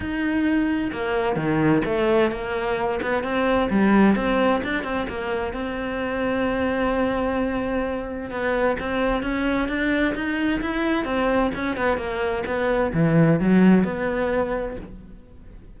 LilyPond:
\new Staff \with { instrumentName = "cello" } { \time 4/4 \tempo 4 = 130 dis'2 ais4 dis4 | a4 ais4. b8 c'4 | g4 c'4 d'8 c'8 ais4 | c'1~ |
c'2 b4 c'4 | cis'4 d'4 dis'4 e'4 | c'4 cis'8 b8 ais4 b4 | e4 fis4 b2 | }